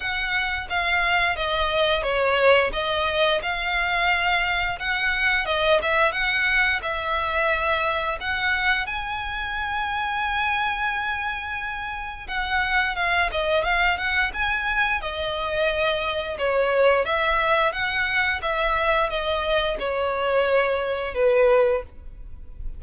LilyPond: \new Staff \with { instrumentName = "violin" } { \time 4/4 \tempo 4 = 88 fis''4 f''4 dis''4 cis''4 | dis''4 f''2 fis''4 | dis''8 e''8 fis''4 e''2 | fis''4 gis''2.~ |
gis''2 fis''4 f''8 dis''8 | f''8 fis''8 gis''4 dis''2 | cis''4 e''4 fis''4 e''4 | dis''4 cis''2 b'4 | }